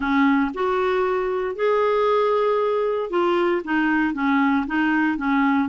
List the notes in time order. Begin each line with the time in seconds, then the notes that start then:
0.00 C#4
0.54 F#4
1.55 G#4
3.10 F4
3.64 D#4
4.14 C#4
4.67 D#4
5.17 C#4